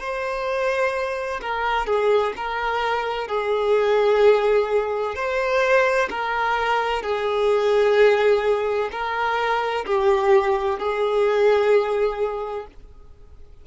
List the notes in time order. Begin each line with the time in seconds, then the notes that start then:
0.00 C5
1.41 A#4
1.86 G#4
2.37 A#4
3.28 G#4
5.15 C5
6.10 A#4
7.02 G#4
8.91 A#4
9.86 G4
10.79 G#4